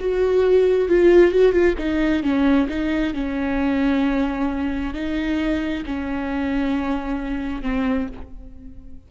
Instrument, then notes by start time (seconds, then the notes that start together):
viola
0.00 F#4
0.89 F4
1.32 F#4
1.53 F4
1.79 D#4
2.23 C#4
2.69 D#4
3.14 C#4
4.94 D#4
5.86 C#4
7.62 C4